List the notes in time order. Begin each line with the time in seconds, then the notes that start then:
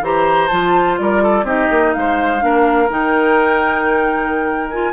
0.00 E3 G4 C5 A#5
0.47 F3 F4 A5
0.98 G3 A#4 D5
1.22 A4
1.43 C4 D#4 G4 D#5
1.70 A#3
1.93 G#3 C5 F5
2.39 A#3 D4 A#4
2.89 D#3 D#4 G5
4.69 F4 G#5